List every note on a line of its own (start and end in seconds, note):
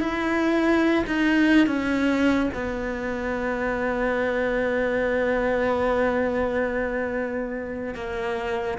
0.00 1.04 E4
1.07 1.67 D#4
1.67 2.50 C#4
2.54 7.94 B3
7.94 8.78 A#3